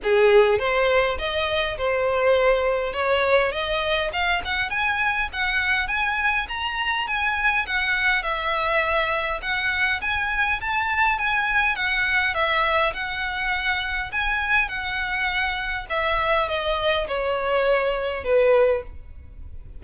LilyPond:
\new Staff \with { instrumentName = "violin" } { \time 4/4 \tempo 4 = 102 gis'4 c''4 dis''4 c''4~ | c''4 cis''4 dis''4 f''8 fis''8 | gis''4 fis''4 gis''4 ais''4 | gis''4 fis''4 e''2 |
fis''4 gis''4 a''4 gis''4 | fis''4 e''4 fis''2 | gis''4 fis''2 e''4 | dis''4 cis''2 b'4 | }